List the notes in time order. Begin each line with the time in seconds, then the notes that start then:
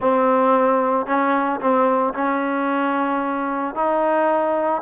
0.00 C4
1.06 C#4
1.60 C4
2.14 C#4
3.75 D#4